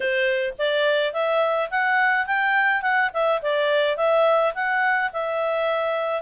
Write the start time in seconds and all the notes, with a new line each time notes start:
0.00 C5
0.58 D5
1.13 E5
1.70 F#5
2.26 G5
2.82 F#5
3.13 E5
3.41 D5
3.96 E5
4.54 F#5
5.12 E5